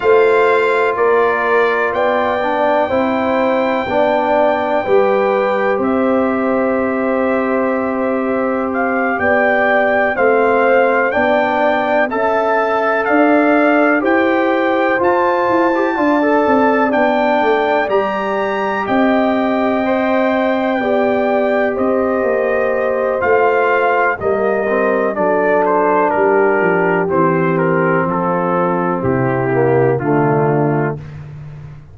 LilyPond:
<<
  \new Staff \with { instrumentName = "trumpet" } { \time 4/4 \tempo 4 = 62 f''4 d''4 g''2~ | g''2 e''2~ | e''4 f''8 g''4 f''4 g''8~ | g''8 a''4 f''4 g''4 a''8~ |
a''4. g''4 ais''4 g''8~ | g''2~ g''8 dis''4. | f''4 dis''4 d''8 c''8 ais'4 | c''8 ais'8 a'4 g'4 f'4 | }
  \new Staff \with { instrumentName = "horn" } { \time 4/4 c''4 ais'4 d''4 c''4 | d''4 b'4 c''2~ | c''4. d''4 c''4 d''8~ | d''8 e''4 d''4 c''4.~ |
c''8 d''2. dis''8~ | dis''4. d''4 c''4.~ | c''4 ais'4 a'4 g'4~ | g'4 f'4 e'4 d'4 | }
  \new Staff \with { instrumentName = "trombone" } { \time 4/4 f'2~ f'8 d'8 e'4 | d'4 g'2.~ | g'2~ g'8 c'4 d'8~ | d'8 a'2 g'4 f'8~ |
f'16 g'16 f'16 a'8. d'4 g'4.~ | g'8 c''4 g'2~ g'8 | f'4 ais8 c'8 d'2 | c'2~ c'8 ais8 a4 | }
  \new Staff \with { instrumentName = "tuba" } { \time 4/4 a4 ais4 b4 c'4 | b4 g4 c'2~ | c'4. b4 a4 b8~ | b8 cis'4 d'4 e'4 f'8 |
e'8 d'8 c'8 b8 a8 g4 c'8~ | c'4. b4 c'8 ais4 | a4 g4 fis4 g8 f8 | e4 f4 c4 d4 | }
>>